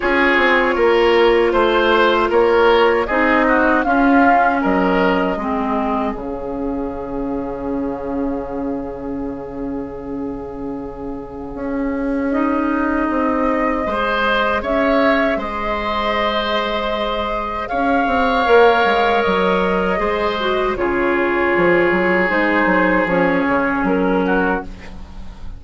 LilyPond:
<<
  \new Staff \with { instrumentName = "flute" } { \time 4/4 \tempo 4 = 78 cis''2 c''4 cis''4 | dis''4 f''4 dis''2 | f''1~ | f''1 |
dis''2. e''4 | dis''2. f''4~ | f''4 dis''2 cis''4~ | cis''4 c''4 cis''4 ais'4 | }
  \new Staff \with { instrumentName = "oboe" } { \time 4/4 gis'4 ais'4 c''4 ais'4 | gis'8 fis'8 f'4 ais'4 gis'4~ | gis'1~ | gis'1~ |
gis'2 c''4 cis''4 | c''2. cis''4~ | cis''2 c''4 gis'4~ | gis'2.~ gis'8 fis'8 | }
  \new Staff \with { instrumentName = "clarinet" } { \time 4/4 f'1 | dis'4 cis'2 c'4 | cis'1~ | cis'1 |
dis'2 gis'2~ | gis'1 | ais'2 gis'8 fis'8 f'4~ | f'4 dis'4 cis'2 | }
  \new Staff \with { instrumentName = "bassoon" } { \time 4/4 cis'8 c'8 ais4 a4 ais4 | c'4 cis'4 fis4 gis4 | cis1~ | cis2. cis'4~ |
cis'4 c'4 gis4 cis'4 | gis2. cis'8 c'8 | ais8 gis8 fis4 gis4 cis4 | f8 fis8 gis8 fis8 f8 cis8 fis4 | }
>>